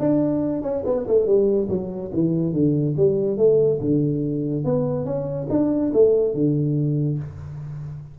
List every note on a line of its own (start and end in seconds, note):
0.00 0.62 D4
0.62 0.84 C#4
0.85 1.07 B3
1.08 1.26 A3
1.26 1.68 G3
1.69 2.11 F#3
2.14 2.53 E3
2.53 2.96 D3
2.97 3.37 G3
3.37 3.80 A3
3.81 4.65 D3
4.65 5.06 B3
5.06 5.48 C#4
5.50 5.92 D4
5.94 6.34 A3
6.34 7.19 D3